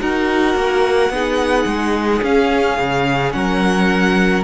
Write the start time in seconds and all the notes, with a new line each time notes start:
0.00 D#4 F#4 A#4 F#5
0.55 A#3
1.10 B3 D#4 G#4
1.66 G#3
2.23 C#4 F5
2.79 C#3
3.33 F#3 A#4 F#5